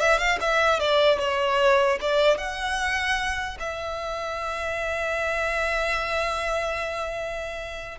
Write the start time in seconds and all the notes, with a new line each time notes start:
0.00 E5
0.18 F5
0.40 E5
0.79 D5
1.19 C#5
2.01 D5
2.37 F#5
3.60 E5